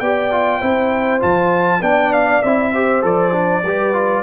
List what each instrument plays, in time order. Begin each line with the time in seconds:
0.00 tuba B3, trombone G4, horn D5, trumpet G5
0.32 trombone F4
0.60 tuba C4, trombone E4, horn C5
1.20 tuba F3, trombone F4, trumpet A5
1.82 tuba B3, trombone D4, horn D5, trumpet G5
2.13 trumpet F5
2.43 tuba C4, trombone E4, trumpet E5
2.73 trombone G4, horn C5
3.02 tuba F3, trombone A4, trumpet D5
3.32 trombone D4
3.64 tuba G3, trombone G4, horn B4
3.93 trombone F4